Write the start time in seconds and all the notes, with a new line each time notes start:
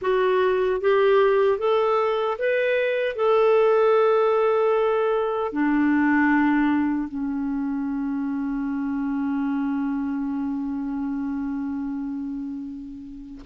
0.01 F#4
0.80 G4
1.58 A4
2.38 B4
3.15 A4
5.52 D4
7.08 C#4